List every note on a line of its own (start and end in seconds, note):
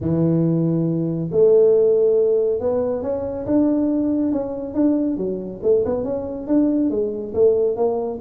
0.00 1.30 E3
1.31 2.59 A3
2.59 3.02 B3
3.02 3.45 C#4
3.46 4.32 D4
4.32 4.74 C#4
4.74 5.17 D4
5.17 5.60 F#3
5.63 5.84 A3
5.85 6.04 B3
6.04 6.47 C#4
6.47 6.90 D4
6.90 7.33 G#3
7.33 7.76 A3
7.76 8.19 A#3